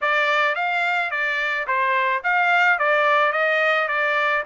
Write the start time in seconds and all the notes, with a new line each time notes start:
0.01 D5
0.55 F5
1.10 D5
1.67 C5
2.23 F5
2.79 D5
3.32 D#5
3.88 D5